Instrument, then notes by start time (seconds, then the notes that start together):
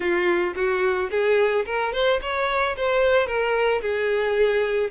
violin
0.00 F4
0.55 F#4
1.10 G#4
1.65 A#4
1.92 C5
2.21 C#5
2.76 C5
3.26 A#4
3.81 G#4